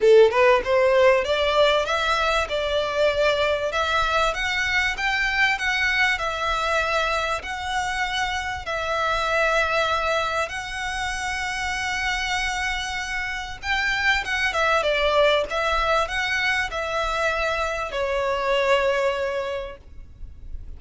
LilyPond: \new Staff \with { instrumentName = "violin" } { \time 4/4 \tempo 4 = 97 a'8 b'8 c''4 d''4 e''4 | d''2 e''4 fis''4 | g''4 fis''4 e''2 | fis''2 e''2~ |
e''4 fis''2.~ | fis''2 g''4 fis''8 e''8 | d''4 e''4 fis''4 e''4~ | e''4 cis''2. | }